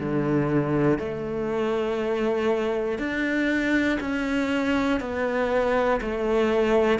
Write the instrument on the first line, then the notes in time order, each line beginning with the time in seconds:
cello
0.00 D3
0.99 A3
2.99 D4
4.00 C#4
5.00 B3
6.01 A3